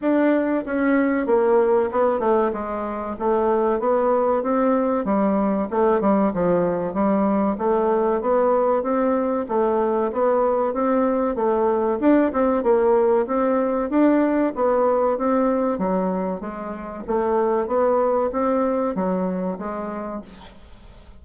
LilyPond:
\new Staff \with { instrumentName = "bassoon" } { \time 4/4 \tempo 4 = 95 d'4 cis'4 ais4 b8 a8 | gis4 a4 b4 c'4 | g4 a8 g8 f4 g4 | a4 b4 c'4 a4 |
b4 c'4 a4 d'8 c'8 | ais4 c'4 d'4 b4 | c'4 fis4 gis4 a4 | b4 c'4 fis4 gis4 | }